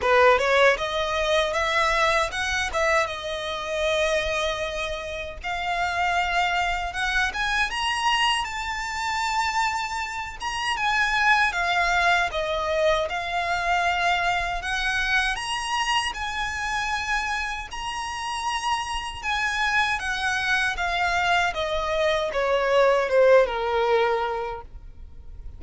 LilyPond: \new Staff \with { instrumentName = "violin" } { \time 4/4 \tempo 4 = 78 b'8 cis''8 dis''4 e''4 fis''8 e''8 | dis''2. f''4~ | f''4 fis''8 gis''8 ais''4 a''4~ | a''4. ais''8 gis''4 f''4 |
dis''4 f''2 fis''4 | ais''4 gis''2 ais''4~ | ais''4 gis''4 fis''4 f''4 | dis''4 cis''4 c''8 ais'4. | }